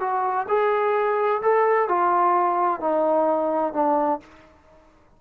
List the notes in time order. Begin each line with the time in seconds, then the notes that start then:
0.00 F#4
0.49 G#4
1.42 A4
1.88 F4
2.80 D#4
3.73 D4